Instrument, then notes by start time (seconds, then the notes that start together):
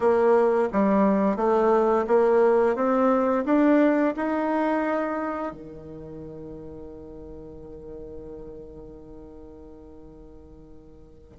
bassoon
0.00 A#3
0.72 G3
1.36 A3
2.07 A#3
2.75 C4
3.45 D4
4.16 D#4
5.52 D#3